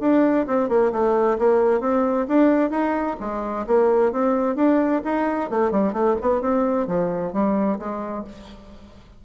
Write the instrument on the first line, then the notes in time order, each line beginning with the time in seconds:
bassoon
0.00 D4
0.47 C4
0.69 A#3
0.92 A3
1.38 A#3
1.80 C4
2.28 D4
2.70 D#4
3.20 G#3
3.67 A#3
4.12 C4
4.56 D4
5.04 D#4
5.50 A3
5.71 G3
5.93 A3
6.21 B3
6.41 C4
6.87 F3
7.33 G3
7.79 G#3